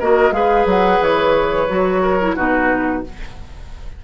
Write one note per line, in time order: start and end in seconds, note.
0.00 0.32 A#3
0.00 0.33 F#4
0.00 0.34 A#4
0.00 0.32 D#5
0.32 0.65 G#3
0.32 1.67 G#4
0.32 2.02 B4
0.32 0.66 F5
0.66 1.00 F#3
0.66 1.03 F#5
1.01 1.68 E3
1.01 2.36 C#5
1.69 2.37 F#3
1.69 2.20 F#4
2.02 2.36 A#4
2.21 2.37 E4
2.36 3.04 B2
2.36 3.04 D#4
2.36 3.03 F#4
2.36 3.04 B4